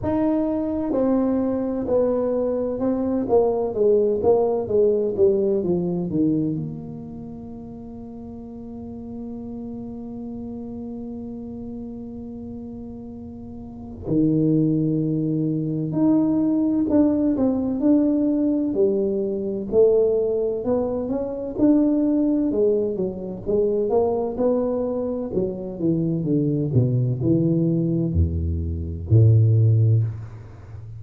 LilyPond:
\new Staff \with { instrumentName = "tuba" } { \time 4/4 \tempo 4 = 64 dis'4 c'4 b4 c'8 ais8 | gis8 ais8 gis8 g8 f8 dis8 ais4~ | ais1~ | ais2. dis4~ |
dis4 dis'4 d'8 c'8 d'4 | g4 a4 b8 cis'8 d'4 | gis8 fis8 gis8 ais8 b4 fis8 e8 | d8 b,8 e4 e,4 a,4 | }